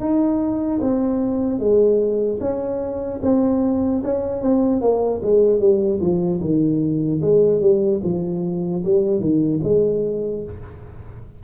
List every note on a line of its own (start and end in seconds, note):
0.00 0.80 D#4
0.81 1.60 C4
1.60 2.40 G#3
2.40 3.20 C#4
3.23 4.03 C4
4.04 4.42 C#4
4.42 4.81 C4
4.81 5.21 A#3
5.23 5.60 G#3
5.60 6.00 G3
6.01 6.41 F3
6.41 7.21 D#3
7.22 7.61 G#3
7.61 8.01 G3
8.04 8.84 F3
8.85 9.20 G3
9.20 9.60 D#3
9.64 10.44 G#3